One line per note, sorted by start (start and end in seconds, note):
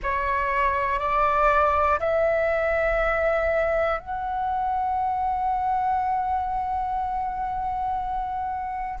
0.03 0.99 C#5
0.99 1.99 D5
1.99 3.99 E5
4.00 9.00 F#5